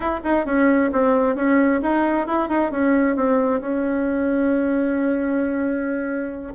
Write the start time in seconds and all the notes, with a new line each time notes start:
0.00 E4
0.24 D#4
0.45 C#4
0.92 C4
1.35 C#4
1.82 D#4
2.26 E4
2.48 D#4
2.71 C#4
3.16 C4
3.60 C#4